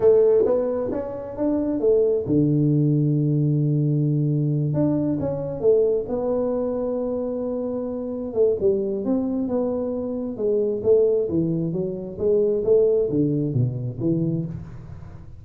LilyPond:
\new Staff \with { instrumentName = "tuba" } { \time 4/4 \tempo 4 = 133 a4 b4 cis'4 d'4 | a4 d2.~ | d2~ d8 d'4 cis'8~ | cis'8 a4 b2~ b8~ |
b2~ b8 a8 g4 | c'4 b2 gis4 | a4 e4 fis4 gis4 | a4 d4 b,4 e4 | }